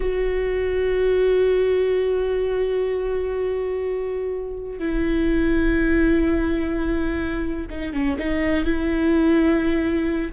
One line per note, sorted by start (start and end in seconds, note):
0.00 4.78 F#4
4.78 7.66 E4
7.69 7.93 D#4
7.93 8.17 C#4
8.18 8.64 D#4
8.64 10.32 E4